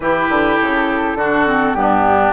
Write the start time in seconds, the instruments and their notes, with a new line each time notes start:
0.00 bassoon E3, clarinet E4, oboe G4, flute B4
0.29 bassoon D3
0.57 bassoon C#3, flute A4
1.14 bassoon D3, clarinet D4, oboe F#4
1.46 clarinet C4
1.74 bassoon G2, clarinet B3, oboe D4, flute G4